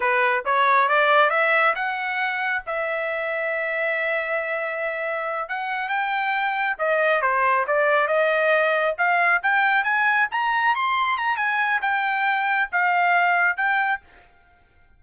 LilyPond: \new Staff \with { instrumentName = "trumpet" } { \time 4/4 \tempo 4 = 137 b'4 cis''4 d''4 e''4 | fis''2 e''2~ | e''1~ | e''8 fis''4 g''2 dis''8~ |
dis''8 c''4 d''4 dis''4.~ | dis''8 f''4 g''4 gis''4 ais''8~ | ais''8 c'''4 ais''8 gis''4 g''4~ | g''4 f''2 g''4 | }